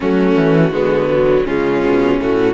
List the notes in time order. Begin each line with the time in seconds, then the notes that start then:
0.00 F#3 A3 C#4 F#4
0.35 E3
0.71 D3 G#3 B3
1.11 F#3
1.45 C#3 G#3 C#4 F4
1.83 B2
2.18 A2 A3 F#4